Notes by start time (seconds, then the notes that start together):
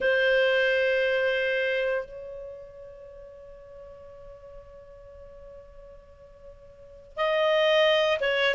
0.00 C5
2.05 C#5
7.16 D#5
8.20 C#5